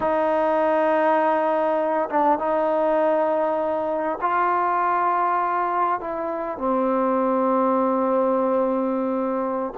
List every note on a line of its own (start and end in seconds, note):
0.00 2.09 D#4
2.09 2.38 D4
2.38 4.18 D#4
4.21 6.00 F4
6.00 6.58 E4
6.58 9.73 C4